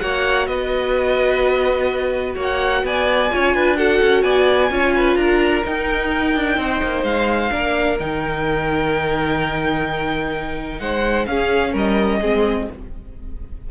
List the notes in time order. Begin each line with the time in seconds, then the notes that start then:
0.00 A#3 F#4 C#5 F#5
0.46 B3 B4 D#5
2.35 A#3 C#5
2.42 F#5
2.83 B3 D5 G#5
3.31 C#4 F4 C#5
3.54 D4 B4
3.77 F#4 A4 F#5
4.02 C#4
4.23 B3 D5 G#5
4.70 C#4 F4 C#5
4.95 B4
5.16 D4 A#4 A#5
5.65 D#4 G5
6.36 D4
6.57 C4 C5
6.83 A#3
7.04 G#3 F5
7.51 A#3 D4 A#4
8.00 D#3 D#4 G5
10.79 G#3 C5 F#5
11.26 C#4 G#4 F5
11.73 G3 A#4 D#5
12.21 G#3 C4 G#4